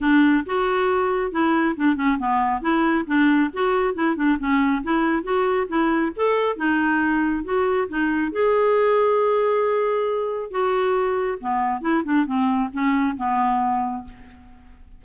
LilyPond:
\new Staff \with { instrumentName = "clarinet" } { \time 4/4 \tempo 4 = 137 d'4 fis'2 e'4 | d'8 cis'8 b4 e'4 d'4 | fis'4 e'8 d'8 cis'4 e'4 | fis'4 e'4 a'4 dis'4~ |
dis'4 fis'4 dis'4 gis'4~ | gis'1 | fis'2 b4 e'8 d'8 | c'4 cis'4 b2 | }